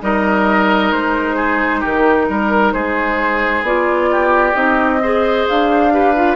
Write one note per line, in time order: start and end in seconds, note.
0.00 0.92 G3
0.00 3.64 D#4
0.00 1.36 A#4
0.00 0.91 D#5
0.91 1.83 G#3
0.91 1.82 C5
1.36 1.80 G#4
1.80 2.29 D#3
1.80 2.25 G4
1.80 2.72 A#4
2.29 2.73 G3
2.29 2.73 A#4
2.72 3.62 G#3
2.72 4.09 G#4
2.72 3.63 C5
3.62 4.53 B3
3.62 4.53 F4
3.62 4.55 D5
4.11 5.02 G4
4.53 5.45 C4
4.53 4.99 D#4
4.53 5.46 D#5
5.02 5.91 G#4
5.02 5.93 C5
5.48 6.36 D4
5.48 6.36 F5
5.91 6.14 G4
5.91 6.36 B4
6.15 6.36 F4